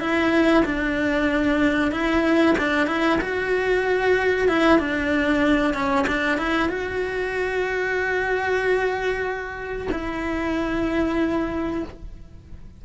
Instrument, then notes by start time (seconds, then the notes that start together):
cello
0.00 E4
0.65 D4
1.91 E4
2.58 D4
2.87 E4
3.21 F#4
4.48 E4
4.79 D4
5.74 C#4
6.07 D4
6.37 E4
6.69 F#4
9.92 E4